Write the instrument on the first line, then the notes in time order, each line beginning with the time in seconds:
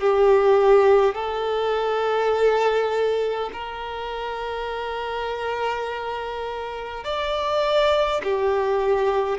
violin
0.00 G4
1.15 A4
3.53 A#4
7.04 D5
8.24 G4